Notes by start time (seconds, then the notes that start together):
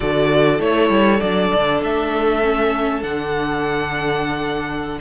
0.00 D3 F#4 A4 D5
0.58 A3 E4 C#5
0.89 G3
1.20 F#3 D4 D5
1.54 D3
1.82 A3 E5
2.42 C#4
3.02 D3 D4 F#5